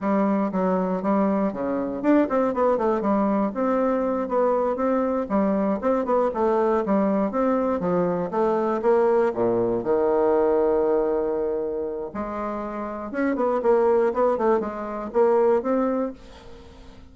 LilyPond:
\new Staff \with { instrumentName = "bassoon" } { \time 4/4 \tempo 4 = 119 g4 fis4 g4 cis4 | d'8 c'8 b8 a8 g4 c'4~ | c'8 b4 c'4 g4 c'8 | b8 a4 g4 c'4 f8~ |
f8 a4 ais4 ais,4 dis8~ | dis1 | gis2 cis'8 b8 ais4 | b8 a8 gis4 ais4 c'4 | }